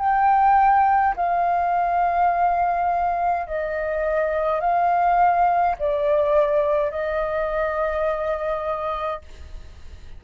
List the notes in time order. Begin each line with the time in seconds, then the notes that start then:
0.00 G5
1.16 F5
3.47 D#5
4.61 F5
5.80 D5
6.91 D#5